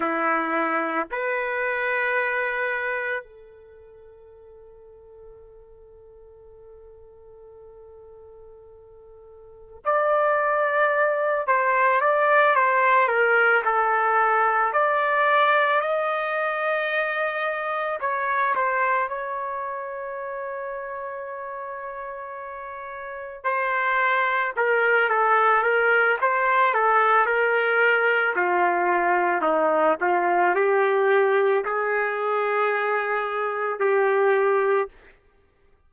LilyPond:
\new Staff \with { instrumentName = "trumpet" } { \time 4/4 \tempo 4 = 55 e'4 b'2 a'4~ | a'1~ | a'4 d''4. c''8 d''8 c''8 | ais'8 a'4 d''4 dis''4.~ |
dis''8 cis''8 c''8 cis''2~ cis''8~ | cis''4. c''4 ais'8 a'8 ais'8 | c''8 a'8 ais'4 f'4 dis'8 f'8 | g'4 gis'2 g'4 | }